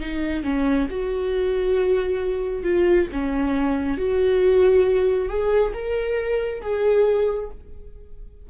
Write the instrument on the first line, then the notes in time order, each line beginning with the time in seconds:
viola
0.00 D#4
0.44 C#4
0.90 F#4
2.63 F4
3.12 C#4
3.98 F#4
5.29 G#4
5.74 A#4
6.62 G#4